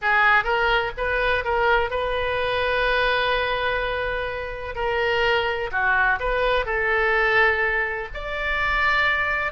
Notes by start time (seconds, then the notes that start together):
0.01 G#4
0.44 A#4
0.97 B4
1.44 A#4
1.90 B4
4.75 A#4
5.71 F#4
6.19 B4
6.65 A4
8.13 D5